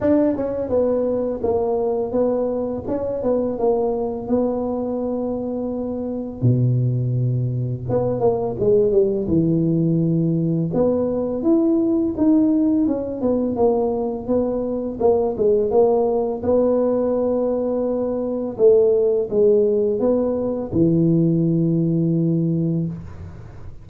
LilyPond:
\new Staff \with { instrumentName = "tuba" } { \time 4/4 \tempo 4 = 84 d'8 cis'8 b4 ais4 b4 | cis'8 b8 ais4 b2~ | b4 b,2 b8 ais8 | gis8 g8 e2 b4 |
e'4 dis'4 cis'8 b8 ais4 | b4 ais8 gis8 ais4 b4~ | b2 a4 gis4 | b4 e2. | }